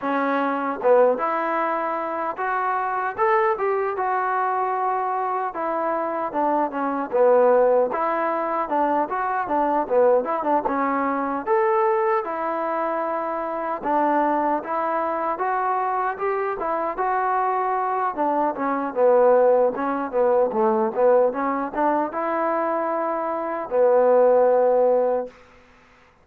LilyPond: \new Staff \with { instrumentName = "trombone" } { \time 4/4 \tempo 4 = 76 cis'4 b8 e'4. fis'4 | a'8 g'8 fis'2 e'4 | d'8 cis'8 b4 e'4 d'8 fis'8 | d'8 b8 e'16 d'16 cis'4 a'4 e'8~ |
e'4. d'4 e'4 fis'8~ | fis'8 g'8 e'8 fis'4. d'8 cis'8 | b4 cis'8 b8 a8 b8 cis'8 d'8 | e'2 b2 | }